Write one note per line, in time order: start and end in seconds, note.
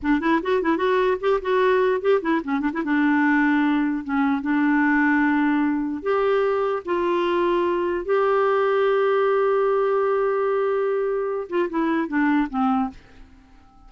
0.02 0.20 D4
0.20 0.40 E4
0.42 0.62 F#4
0.62 0.77 E4
0.77 1.17 F#4
1.20 1.40 G4
1.41 2.01 F#4
2.01 2.21 G4
2.21 2.41 E4
2.43 2.60 C#4
2.60 2.70 D4
2.73 2.83 E4
2.84 4.04 D4
4.04 4.41 C#4
4.41 6.02 D4
6.02 6.83 G4
6.85 8.05 F4
8.05 11.47 G4
11.49 11.69 F4
11.69 12.07 E4
12.07 12.48 D4
12.49 12.89 C4